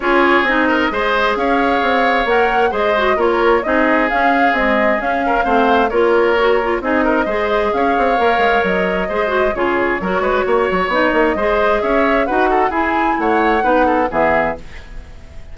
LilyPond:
<<
  \new Staff \with { instrumentName = "flute" } { \time 4/4 \tempo 4 = 132 cis''4 dis''2 f''4~ | f''4 fis''4 dis''4 cis''4 | dis''4 f''4 dis''4 f''4~ | f''4 cis''2 dis''4~ |
dis''4 f''2 dis''4~ | dis''4 cis''2. | dis''2 e''4 fis''4 | gis''4 fis''2 e''4 | }
  \new Staff \with { instrumentName = "oboe" } { \time 4/4 gis'4. ais'8 c''4 cis''4~ | cis''2 c''4 ais'4 | gis'2.~ gis'8 ais'8 | c''4 ais'2 gis'8 ais'8 |
c''4 cis''2. | c''4 gis'4 ais'8 b'8 cis''4~ | cis''4 c''4 cis''4 b'8 a'8 | gis'4 cis''4 b'8 a'8 gis'4 | }
  \new Staff \with { instrumentName = "clarinet" } { \time 4/4 f'4 dis'4 gis'2~ | gis'4 ais'4 gis'8 fis'8 f'4 | dis'4 cis'4 gis4 cis'4 | c'4 f'4 fis'8 f'8 dis'4 |
gis'2 ais'2 | gis'8 fis'8 f'4 fis'2 | dis'4 gis'2 fis'4 | e'2 dis'4 b4 | }
  \new Staff \with { instrumentName = "bassoon" } { \time 4/4 cis'4 c'4 gis4 cis'4 | c'4 ais4 gis4 ais4 | c'4 cis'4 c'4 cis'4 | a4 ais2 c'4 |
gis4 cis'8 c'8 ais8 gis8 fis4 | gis4 cis4 fis8 gis8 ais8 fis8 | b8 ais8 gis4 cis'4 dis'4 | e'4 a4 b4 e4 | }
>>